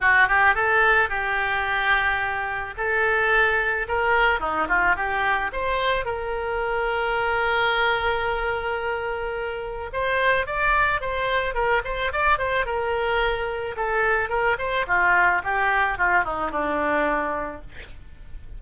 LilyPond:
\new Staff \with { instrumentName = "oboe" } { \time 4/4 \tempo 4 = 109 fis'8 g'8 a'4 g'2~ | g'4 a'2 ais'4 | dis'8 f'8 g'4 c''4 ais'4~ | ais'1~ |
ais'2 c''4 d''4 | c''4 ais'8 c''8 d''8 c''8 ais'4~ | ais'4 a'4 ais'8 c''8 f'4 | g'4 f'8 dis'8 d'2 | }